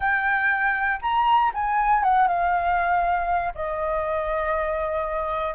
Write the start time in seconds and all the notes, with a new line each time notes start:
0.00 G5
1.01 A#5
1.54 G#5
2.03 F#5
2.27 F5
3.54 D#5